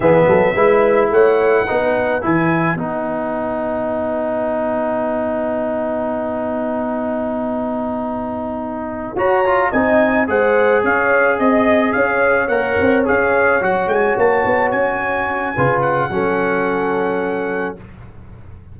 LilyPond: <<
  \new Staff \with { instrumentName = "trumpet" } { \time 4/4 \tempo 4 = 108 e''2 fis''2 | gis''4 fis''2.~ | fis''1~ | fis''1~ |
fis''8 ais''4 gis''4 fis''4 f''8~ | f''8 dis''4 f''4 fis''4 f''8~ | f''8 fis''8 gis''8 a''4 gis''4.~ | gis''8 fis''2.~ fis''8 | }
  \new Staff \with { instrumentName = "horn" } { \time 4/4 gis'8 a'8 b'4 cis''4 b'4~ | b'1~ | b'1~ | b'1~ |
b'8 cis''4 dis''4 c''4 cis''8~ | cis''8 dis''4 cis''2~ cis''8~ | cis''1 | b'4 a'2. | }
  \new Staff \with { instrumentName = "trombone" } { \time 4/4 b4 e'2 dis'4 | e'4 dis'2.~ | dis'1~ | dis'1~ |
dis'8 fis'8 f'8 dis'4 gis'4.~ | gis'2~ gis'8 ais'4 gis'8~ | gis'8 fis'2.~ fis'8 | f'4 cis'2. | }
  \new Staff \with { instrumentName = "tuba" } { \time 4/4 e8 fis8 gis4 a4 b4 | e4 b2.~ | b1~ | b1~ |
b8 fis'4 c'4 gis4 cis'8~ | cis'8 c'4 cis'4 ais8 c'8 cis'8~ | cis'8 fis8 gis8 ais8 b8 cis'4. | cis4 fis2. | }
>>